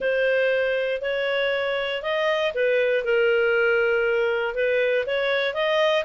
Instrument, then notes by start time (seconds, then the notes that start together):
clarinet
0.00 C5
1.01 C#5
2.02 D#5
2.54 B4
3.04 A#4
4.54 B4
5.06 C#5
5.53 D#5